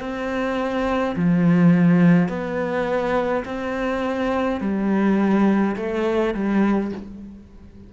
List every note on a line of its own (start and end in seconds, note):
0.00 1.15 C4
1.16 2.29 F3
2.29 3.44 B3
3.45 4.60 C4
4.60 5.76 G3
5.76 6.34 A3
6.34 6.92 G3